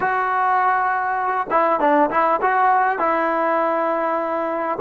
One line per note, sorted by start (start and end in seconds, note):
0.00 1.47 F#4
1.50 1.79 E4
1.79 2.09 D4
2.10 2.40 E4
2.41 2.98 F#4
2.98 4.78 E4